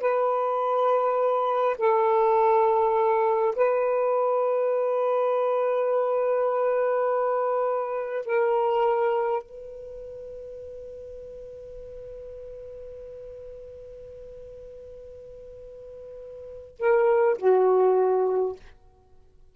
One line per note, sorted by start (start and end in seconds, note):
0.00 1.76 B4
1.78 3.54 A4
3.56 8.26 B4
8.26 9.42 A#4
9.42 16.78 B4
16.79 17.37 A#4
17.38 18.56 F#4